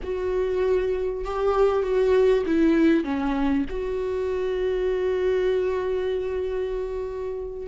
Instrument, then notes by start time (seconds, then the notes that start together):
viola
0.03 F#4
1.24 G4
1.82 F#4
2.45 E4
3.04 C#4
3.69 F#4